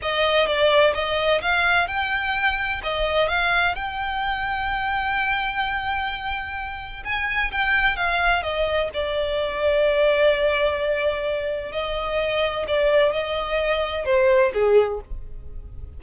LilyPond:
\new Staff \with { instrumentName = "violin" } { \time 4/4 \tempo 4 = 128 dis''4 d''4 dis''4 f''4 | g''2 dis''4 f''4 | g''1~ | g''2. gis''4 |
g''4 f''4 dis''4 d''4~ | d''1~ | d''4 dis''2 d''4 | dis''2 c''4 gis'4 | }